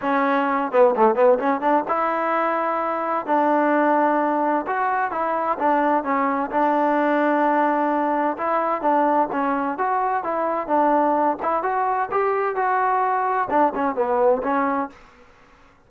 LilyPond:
\new Staff \with { instrumentName = "trombone" } { \time 4/4 \tempo 4 = 129 cis'4. b8 a8 b8 cis'8 d'8 | e'2. d'4~ | d'2 fis'4 e'4 | d'4 cis'4 d'2~ |
d'2 e'4 d'4 | cis'4 fis'4 e'4 d'4~ | d'8 e'8 fis'4 g'4 fis'4~ | fis'4 d'8 cis'8 b4 cis'4 | }